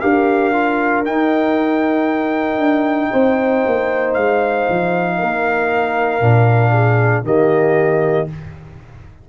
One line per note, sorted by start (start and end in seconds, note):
0.00 1.06 D4
0.00 0.53 G4
0.00 3.11 A#4
0.00 1.03 F5
0.53 1.05 F4
1.05 6.21 D#4
1.05 2.58 D#4
1.05 4.14 G5
2.58 3.10 D4
3.11 3.65 C4
3.11 5.18 C5
3.67 4.16 A#3
4.14 4.68 G#3
4.14 7.24 F5
4.70 5.21 F3
5.18 6.21 A#3
5.18 6.72 A#4
6.21 7.23 A#2
6.21 7.24 D4
6.72 7.24 G#4
7.23 8.27 D#3
7.23 8.28 A#3
7.23 8.29 G4
7.23 8.29 D#5